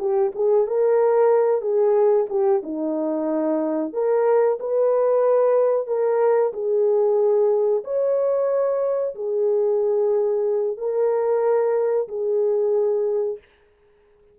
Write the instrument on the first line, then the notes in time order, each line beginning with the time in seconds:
horn
0.00 G4
0.35 G#4
0.68 A#4
1.62 G#4
2.30 G4
2.64 D#4
3.93 A#4
4.60 B4
5.87 A#4
6.54 G#4
7.84 C#5
9.15 G#4
10.78 A#4
12.09 G#4